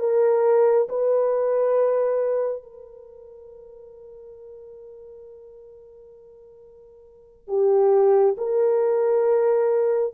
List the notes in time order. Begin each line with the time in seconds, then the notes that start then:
0.00 A#4
0.89 B4
2.63 A#4
7.48 G4
8.38 A#4